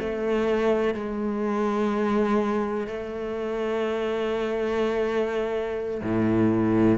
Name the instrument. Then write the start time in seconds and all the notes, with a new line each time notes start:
cello
0.00 A3
0.94 G#3
2.87 A3
6.03 A2